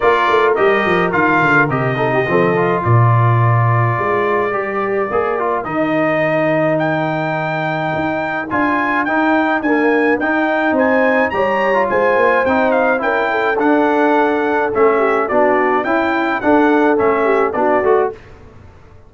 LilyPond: <<
  \new Staff \with { instrumentName = "trumpet" } { \time 4/4 \tempo 4 = 106 d''4 dis''4 f''4 dis''4~ | dis''4 d''2.~ | d''2 dis''2 | g''2. gis''4 |
g''4 gis''4 g''4 gis''4 | ais''4 gis''4 g''8 f''8 g''4 | fis''2 e''4 d''4 | g''4 fis''4 e''4 d''4 | }
  \new Staff \with { instrumentName = "horn" } { \time 4/4 ais'2.~ ais'8 a'16 g'16 | a'4 ais'2.~ | ais'1~ | ais'1~ |
ais'2. c''4 | cis''4 c''2 ais'8 a'8~ | a'2~ a'8 g'8 fis'4 | e'4 a'4. g'8 fis'4 | }
  \new Staff \with { instrumentName = "trombone" } { \time 4/4 f'4 g'4 f'4 g'8 dis'8 | c'8 f'2.~ f'8 | g'4 gis'8 f'8 dis'2~ | dis'2. f'4 |
dis'4 ais4 dis'2 | g'8. f'4~ f'16 dis'4 e'4 | d'2 cis'4 d'4 | e'4 d'4 cis'4 d'8 fis'8 | }
  \new Staff \with { instrumentName = "tuba" } { \time 4/4 ais8 a8 g8 f8 dis8 d8 c4 | f4 ais,2 gis4 | g4 ais4 dis2~ | dis2 dis'4 d'4 |
dis'4 d'4 dis'4 c'4 | g4 gis8 ais8 c'4 cis'4 | d'2 a4 b4 | cis'4 d'4 a4 b8 a8 | }
>>